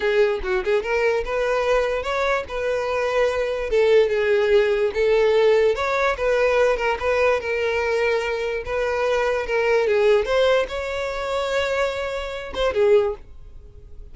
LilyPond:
\new Staff \with { instrumentName = "violin" } { \time 4/4 \tempo 4 = 146 gis'4 fis'8 gis'8 ais'4 b'4~ | b'4 cis''4 b'2~ | b'4 a'4 gis'2 | a'2 cis''4 b'4~ |
b'8 ais'8 b'4 ais'2~ | ais'4 b'2 ais'4 | gis'4 c''4 cis''2~ | cis''2~ cis''8 c''8 gis'4 | }